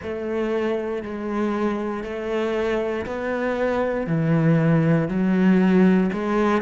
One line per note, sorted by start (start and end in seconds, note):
0.02 1.03 A3
1.03 2.03 G#3
2.03 3.05 A3
3.06 4.07 B3
4.07 5.08 E3
5.08 6.10 F#3
6.12 6.61 G#3